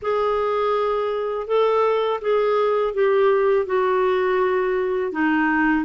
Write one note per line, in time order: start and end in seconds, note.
0.02 1.47 G#4
1.47 2.20 A4
2.21 2.94 G#4
2.94 3.66 G4
3.66 5.12 F#4
5.12 5.84 D#4